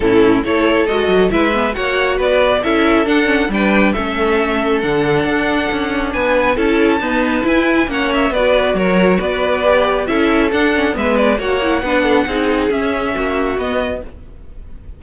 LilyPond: <<
  \new Staff \with { instrumentName = "violin" } { \time 4/4 \tempo 4 = 137 a'4 cis''4 dis''4 e''4 | fis''4 d''4 e''4 fis''4 | g''4 e''2 fis''4~ | fis''2 gis''4 a''4~ |
a''4 gis''4 fis''8 e''8 d''4 | cis''4 d''2 e''4 | fis''4 e''8 d''8 fis''2~ | fis''4 e''2 dis''4 | }
  \new Staff \with { instrumentName = "violin" } { \time 4/4 e'4 a'2 b'4 | cis''4 b'4 a'2 | b'4 a'2.~ | a'2 b'4 a'4 |
b'2 cis''4 b'4 | ais'4 b'2 a'4~ | a'4 b'4 cis''4 b'8 a'8 | gis'2 fis'2 | }
  \new Staff \with { instrumentName = "viola" } { \time 4/4 cis'4 e'4 fis'4 e'8 b8 | fis'2 e'4 d'8 cis'8 | d'4 cis'2 d'4~ | d'2. e'4 |
b4 e'4 cis'4 fis'4~ | fis'2 g'4 e'4 | d'8 cis'8 b4 fis'8 e'8 d'4 | dis'4 cis'2 b4 | }
  \new Staff \with { instrumentName = "cello" } { \time 4/4 a,4 a4 gis8 fis8 gis4 | ais4 b4 cis'4 d'4 | g4 a2 d4 | d'4 cis'4 b4 cis'4 |
dis'4 e'4 ais4 b4 | fis4 b2 cis'4 | d'4 gis4 ais4 b4 | c'4 cis'4 ais4 b4 | }
>>